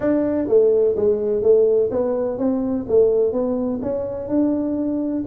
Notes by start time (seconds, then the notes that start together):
0.00 D4
0.47 A3
0.95 G#3
1.42 A3
1.90 B3
2.38 C4
2.88 A3
3.32 B3
3.82 C#4
4.28 D4